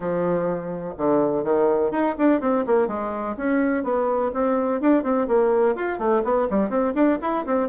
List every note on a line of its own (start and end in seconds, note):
0.00 0.94 F3
0.97 1.43 D3
1.43 1.91 D#3
1.91 2.15 D#4
2.17 2.40 D4
2.40 2.64 C4
2.66 2.87 A#3
2.87 3.35 G#3
3.36 3.83 C#4
3.83 4.31 B3
4.33 4.80 C4
4.80 5.03 D4
5.03 5.27 C4
5.27 5.75 A#3
5.75 5.98 F4
5.98 6.22 A3
6.24 6.48 B3
6.49 6.69 G3
6.69 6.93 C4
6.94 7.18 D4
7.21 7.45 E4
7.46 7.68 C4